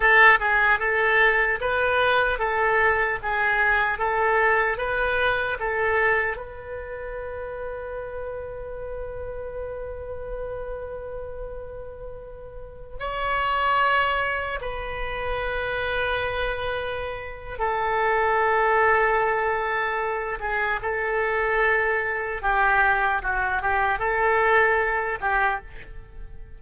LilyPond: \new Staff \with { instrumentName = "oboe" } { \time 4/4 \tempo 4 = 75 a'8 gis'8 a'4 b'4 a'4 | gis'4 a'4 b'4 a'4 | b'1~ | b'1~ |
b'16 cis''2 b'4.~ b'16~ | b'2 a'2~ | a'4. gis'8 a'2 | g'4 fis'8 g'8 a'4. g'8 | }